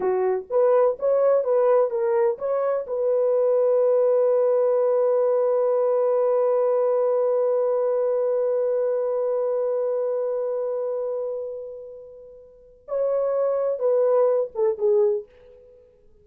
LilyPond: \new Staff \with { instrumentName = "horn" } { \time 4/4 \tempo 4 = 126 fis'4 b'4 cis''4 b'4 | ais'4 cis''4 b'2~ | b'1~ | b'1~ |
b'1~ | b'1~ | b'2. cis''4~ | cis''4 b'4. a'8 gis'4 | }